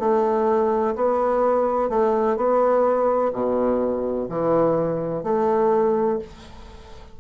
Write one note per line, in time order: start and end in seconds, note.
0.00 0.95 A3
0.96 1.90 B3
1.90 2.37 A3
2.37 3.32 B3
3.33 4.29 B2
4.29 5.24 E3
5.24 6.19 A3